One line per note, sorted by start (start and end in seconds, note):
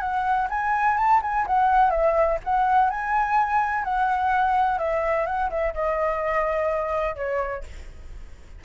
0.00 0.48 F#5
0.50 0.97 G#5
0.97 1.21 A5
1.22 1.46 G#5
1.47 1.90 F#5
1.90 2.38 E5
2.44 2.90 F#5
2.90 3.84 G#5
3.84 4.79 F#5
4.79 5.26 E5
5.26 5.50 F#5
5.50 5.74 E5
5.74 7.16 D#5
7.16 7.63 C#5